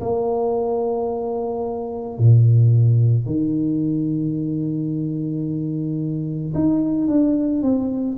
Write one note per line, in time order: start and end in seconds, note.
0.00 2.18 A#3
2.18 3.26 A#2
3.26 6.53 D#3
6.54 7.07 D#4
7.07 7.62 D4
7.62 8.16 C4